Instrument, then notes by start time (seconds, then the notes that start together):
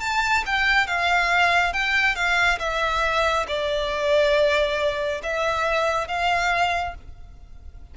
violin
0.00 A5
0.45 G5
0.87 F5
1.73 G5
2.15 F5
2.59 E5
3.47 D5
5.23 E5
6.08 F5